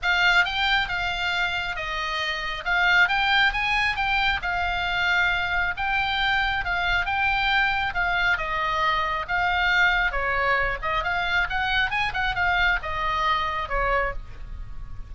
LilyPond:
\new Staff \with { instrumentName = "oboe" } { \time 4/4 \tempo 4 = 136 f''4 g''4 f''2 | dis''2 f''4 g''4 | gis''4 g''4 f''2~ | f''4 g''2 f''4 |
g''2 f''4 dis''4~ | dis''4 f''2 cis''4~ | cis''8 dis''8 f''4 fis''4 gis''8 fis''8 | f''4 dis''2 cis''4 | }